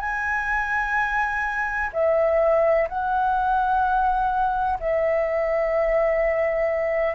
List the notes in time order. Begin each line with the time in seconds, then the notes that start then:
0.00 G#5
1.93 E5
2.89 F#5
4.80 E5